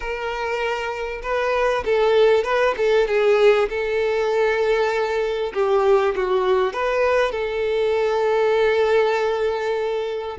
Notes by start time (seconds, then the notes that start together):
0.00 A#4
1.22 B4
1.85 A4
2.44 B4
2.77 A4
3.07 G#4
3.69 A4
5.53 G4
6.15 F#4
6.73 B4
7.31 A4